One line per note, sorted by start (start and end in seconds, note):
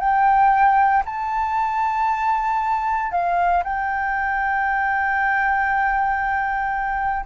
0.00 1.03 G5
1.06 3.12 A5
3.12 3.64 F5
3.64 7.26 G5